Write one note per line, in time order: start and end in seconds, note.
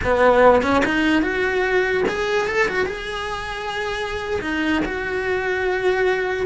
0.04 0.62 B3
0.62 0.83 C#4
0.85 1.21 D#4
1.21 2.04 F#4
2.08 2.47 G#4
2.47 2.68 A4
2.68 2.86 F#4
2.86 4.40 G#4
4.41 4.82 D#4
4.85 6.46 F#4